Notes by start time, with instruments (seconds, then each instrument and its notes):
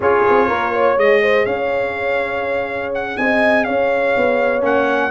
0.00 tuba C#4, trombone F4, horn G#4, trumpet C#5
0.29 tuba C4
0.48 tuba A#3, horn A#4
0.72 horn C#5
0.97 tuba G#3, trombone G#4, trumpet D#5
1.22 horn C5
1.45 tuba C#4, horn C#5, trumpet F5
2.94 trumpet F#5
3.17 tuba C4, horn D#5, trumpet G#5
3.64 tuba C#4, horn C#5, trumpet F5
4.16 tuba B3
4.61 tuba A#3, trombone C#4, trumpet F#5